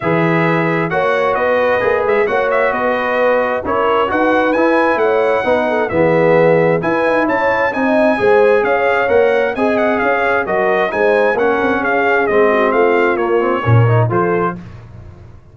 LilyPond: <<
  \new Staff \with { instrumentName = "trumpet" } { \time 4/4 \tempo 4 = 132 e''2 fis''4 dis''4~ | dis''8 e''8 fis''8 e''8 dis''2 | cis''4 fis''4 gis''4 fis''4~ | fis''4 e''2 gis''4 |
a''4 gis''2 f''4 | fis''4 gis''8 fis''8 f''4 dis''4 | gis''4 fis''4 f''4 dis''4 | f''4 cis''2 c''4 | }
  \new Staff \with { instrumentName = "horn" } { \time 4/4 b'2 cis''4 b'4~ | b'4 cis''4 b'2 | ais'4 b'2 cis''4 | b'8 a'8 gis'2 b'4 |
cis''4 dis''4 c''4 cis''4~ | cis''4 dis''4 cis''4 ais'4 | c''4 ais'4 gis'4. fis'8 | f'2 ais'4 a'4 | }
  \new Staff \with { instrumentName = "trombone" } { \time 4/4 gis'2 fis'2 | gis'4 fis'2. | e'4 fis'4 e'2 | dis'4 b2 e'4~ |
e'4 dis'4 gis'2 | ais'4 gis'2 fis'4 | dis'4 cis'2 c'4~ | c'4 ais8 c'8 cis'8 dis'8 f'4 | }
  \new Staff \with { instrumentName = "tuba" } { \time 4/4 e2 ais4 b4 | ais8 gis8 ais4 b2 | cis'4 dis'4 e'4 a4 | b4 e2 e'8 dis'8 |
cis'4 c'4 gis4 cis'4 | ais4 c'4 cis'4 fis4 | gis4 ais8 c'8 cis'4 gis4 | a4 ais4 ais,4 f4 | }
>>